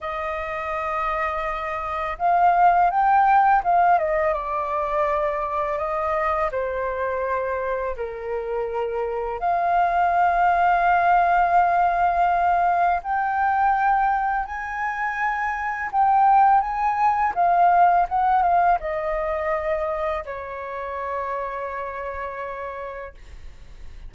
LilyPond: \new Staff \with { instrumentName = "flute" } { \time 4/4 \tempo 4 = 83 dis''2. f''4 | g''4 f''8 dis''8 d''2 | dis''4 c''2 ais'4~ | ais'4 f''2.~ |
f''2 g''2 | gis''2 g''4 gis''4 | f''4 fis''8 f''8 dis''2 | cis''1 | }